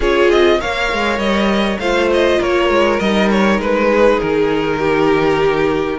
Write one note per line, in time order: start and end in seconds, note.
0.00 0.28 C#4
0.00 0.60 F4
0.00 0.57 G#4
0.00 0.30 C#5
0.29 0.59 C4
0.29 0.60 D#5
0.60 0.92 A#3
0.60 1.80 A#4
0.60 1.80 C#5
0.60 1.19 F5
0.92 1.18 G#3
1.18 1.78 G3
1.18 1.79 D#5
1.79 2.39 A3
1.79 3.01 F4
1.79 2.39 C5
1.79 2.09 F5
2.13 2.42 D#5
2.39 2.69 A#3
2.39 3.89 A#4
2.39 2.99 C#5
2.69 2.99 G#3
2.99 3.58 G3
2.99 5.99 D#4
2.99 3.29 D#5
3.30 3.60 C#5
3.58 4.18 G#3
3.58 4.20 B4
3.90 4.79 G#4
4.20 5.99 D#3
4.20 5.99 A#4
4.79 5.99 G4